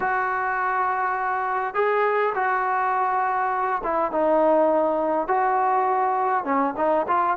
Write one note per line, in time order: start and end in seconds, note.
0.00 1.74 F#4
1.74 2.33 G#4
2.34 3.82 F#4
3.83 4.11 E4
4.11 5.27 D#4
5.27 6.44 F#4
6.44 6.74 C#4
6.76 7.06 D#4
7.07 7.36 F4